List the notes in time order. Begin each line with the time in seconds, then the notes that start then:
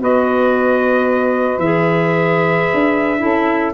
0.00 B3 F#4 B4 D#5
1.58 E3 G#4 E5
2.74 D4
3.18 C#4 E4 A4